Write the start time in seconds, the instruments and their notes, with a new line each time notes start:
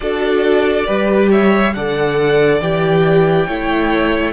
0.00 cello D4, viola F#4, violin A4 D5
0.86 cello G3, viola G4, violin B4
1.30 violin C#5 E5
1.73 cello D3, viola A4, violin D5 F#5
2.60 cello E3, viola G4, violin G5
3.46 cello A3, viola E4, violin C#5